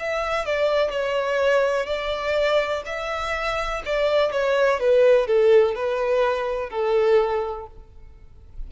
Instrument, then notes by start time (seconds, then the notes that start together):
violin
0.00 E5
0.46 D5
0.91 C#5
1.87 D5
2.86 E5
3.86 D5
4.32 C#5
4.80 B4
5.27 A4
5.75 B4
6.70 A4